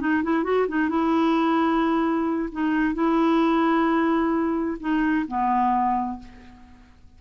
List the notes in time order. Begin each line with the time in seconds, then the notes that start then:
0.00 D#4
0.23 E4
0.44 F#4
0.68 D#4
0.89 E4
2.52 D#4
2.95 E4
4.80 D#4
5.28 B3